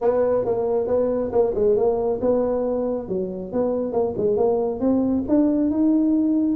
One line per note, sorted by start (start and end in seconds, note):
0.01 0.45 B3
0.45 0.87 A#3
0.87 1.31 B3
1.31 1.53 A#3
1.54 1.76 G#3
1.76 2.20 A#3
2.21 3.08 B3
3.08 3.52 F#3
3.52 3.92 B3
3.92 4.14 A#3
4.17 4.36 G#3
4.36 4.80 A#3
4.80 5.23 C4
5.28 5.70 D4
5.70 6.56 D#4